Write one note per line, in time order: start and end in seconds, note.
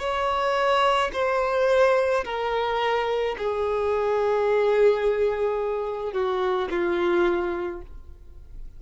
0.00 1.11 C#5
1.14 2.25 C5
2.25 3.36 A#4
3.38 6.13 G#4
6.13 6.69 F#4
6.71 7.82 F4